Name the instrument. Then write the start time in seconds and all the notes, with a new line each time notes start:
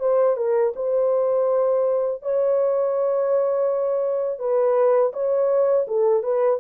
horn
0.00 C5
0.37 A#4
0.76 C5
2.22 C#5
4.39 B4
5.13 C#5
5.87 A4
6.23 B4